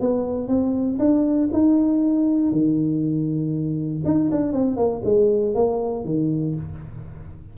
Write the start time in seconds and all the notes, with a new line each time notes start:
0.00 B3
0.47 C4
0.99 D4
1.52 D#4
2.51 D#3
4.05 D#4
4.31 D4
4.52 C4
4.76 A#3
5.04 G#3
5.54 A#3
6.04 D#3